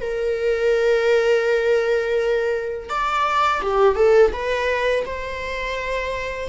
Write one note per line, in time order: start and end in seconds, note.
0.00 2.89 A#4
2.89 3.62 D5
3.62 3.95 G4
3.95 4.31 A4
4.33 5.05 B4
5.06 6.49 C5